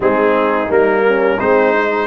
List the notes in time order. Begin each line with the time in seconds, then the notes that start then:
0.00 G#3 C4 D#4 G#4
0.67 G3 A#3 A#4
1.04 C#4
1.39 G#3 C4 D#4 C5
1.73 D#4